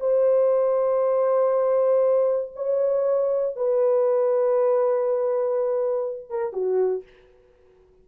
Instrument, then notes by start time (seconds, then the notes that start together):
horn
0.00 C5
2.56 C#5
3.56 B4
6.30 A#4
6.53 F#4